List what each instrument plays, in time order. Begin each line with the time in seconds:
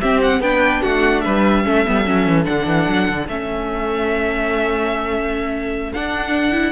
0.00 viola C4, cello C4, violin G4 E5
0.22 violin F#5
0.39 cello B3, viola D4, violin B4 G5
0.81 cello A3, violin F#4 F#5
1.21 cello G3, violin B4 E5
1.64 cello A3, viola C#4, violin A4
1.86 cello G3, viola B3
2.05 cello F#3, viola C#4
2.27 cello E3
2.44 cello D3, viola D4, violin F#5
2.66 cello E3
2.88 cello F#3
3.09 cello D3
3.27 cello A3, viola C#4, violin E5
5.93 viola D4, cello D4, violin F#5
6.52 viola E4